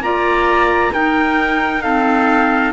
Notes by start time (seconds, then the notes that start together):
0.00 A#3 F4 D5 A#5
0.93 D#4 A#4 G5
1.82 C4 A4 F5